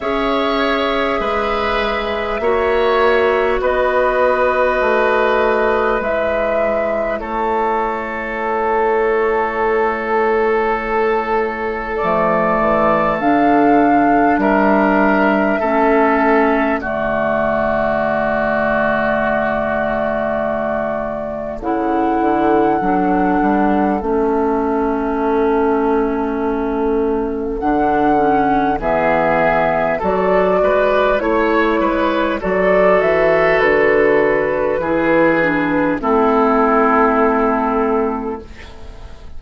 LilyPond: <<
  \new Staff \with { instrumentName = "flute" } { \time 4/4 \tempo 4 = 50 e''2. dis''4~ | dis''4 e''4 cis''2~ | cis''2 d''4 f''4 | e''2 d''2~ |
d''2 fis''2 | e''2. fis''4 | e''4 d''4 cis''4 d''8 e''8 | b'2 a'2 | }
  \new Staff \with { instrumentName = "oboe" } { \time 4/4 cis''4 b'4 cis''4 b'4~ | b'2 a'2~ | a'1 | ais'4 a'4 fis'2~ |
fis'2 a'2~ | a'1 | gis'4 a'8 b'8 cis''8 b'8 a'4~ | a'4 gis'4 e'2 | }
  \new Staff \with { instrumentName = "clarinet" } { \time 4/4 gis'2 fis'2~ | fis'4 e'2.~ | e'2 a4 d'4~ | d'4 cis'4 a2~ |
a2 e'4 d'4 | cis'2. d'8 cis'8 | b4 fis'4 e'4 fis'4~ | fis'4 e'8 d'8 c'2 | }
  \new Staff \with { instrumentName = "bassoon" } { \time 4/4 cis'4 gis4 ais4 b4 | a4 gis4 a2~ | a2 f8 e8 d4 | g4 a4 d2~ |
d2 cis8 d8 fis8 g8 | a2. d4 | e4 fis8 gis8 a8 gis8 fis8 e8 | d4 e4 a2 | }
>>